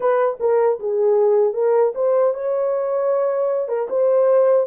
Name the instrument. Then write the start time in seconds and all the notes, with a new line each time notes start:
horn
0.00 B4
0.40 A#4
0.79 G#4
1.53 A#4
1.94 C5
2.34 C#5
3.68 A#4
3.89 C5